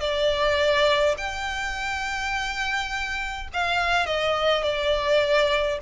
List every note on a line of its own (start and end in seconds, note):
0.00 1.15 D5
1.17 3.48 G5
3.53 4.06 F5
4.06 4.63 D#5
4.63 5.78 D5